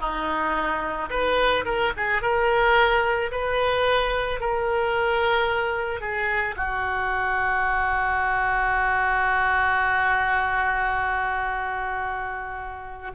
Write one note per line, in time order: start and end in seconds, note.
0.00 1.09 D#4
1.10 1.64 B4
1.65 1.92 A#4
1.96 2.21 G#4
2.21 3.30 A#4
3.31 4.40 B4
4.40 6.00 A#4
6.00 6.55 G#4
6.57 13.11 F#4